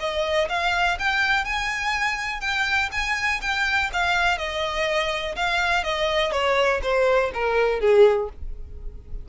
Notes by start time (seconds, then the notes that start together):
0.00 D#5
0.49 F5
0.99 G5
1.45 G#5
2.41 G5
2.92 G#5
3.42 G5
3.94 F5
4.38 D#5
5.36 F5
5.84 D#5
6.32 C#5
6.83 C5
7.34 A#4
7.80 G#4